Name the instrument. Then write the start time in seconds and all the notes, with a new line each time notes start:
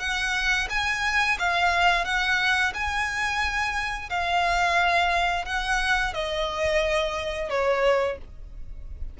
violin
0.00 F#5
0.70 G#5
1.39 F5
2.05 F#5
2.74 G#5
4.10 F5
5.46 F#5
6.14 D#5
7.50 C#5